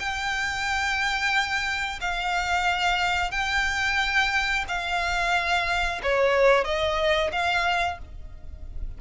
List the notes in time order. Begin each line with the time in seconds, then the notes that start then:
0.00 G5
2.01 F5
3.32 G5
4.68 F5
6.03 C#5
6.65 D#5
7.32 F5